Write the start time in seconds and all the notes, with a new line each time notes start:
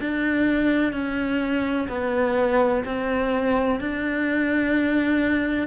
0.00 D4
0.93 C#4
1.88 B3
2.85 C4
3.80 D4